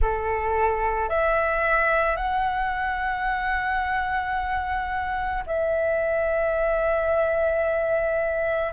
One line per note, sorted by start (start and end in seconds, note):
0.01 1.09 A4
1.09 2.16 E5
2.16 5.43 F#5
5.46 8.72 E5